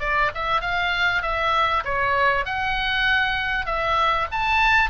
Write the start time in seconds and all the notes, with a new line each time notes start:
0.00 D5
0.35 E5
0.61 F5
1.22 E5
1.85 C#5
2.46 F#5
3.66 E5
4.32 A5